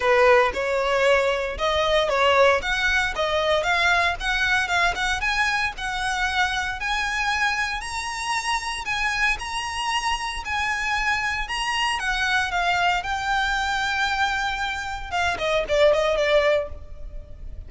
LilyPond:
\new Staff \with { instrumentName = "violin" } { \time 4/4 \tempo 4 = 115 b'4 cis''2 dis''4 | cis''4 fis''4 dis''4 f''4 | fis''4 f''8 fis''8 gis''4 fis''4~ | fis''4 gis''2 ais''4~ |
ais''4 gis''4 ais''2 | gis''2 ais''4 fis''4 | f''4 g''2.~ | g''4 f''8 dis''8 d''8 dis''8 d''4 | }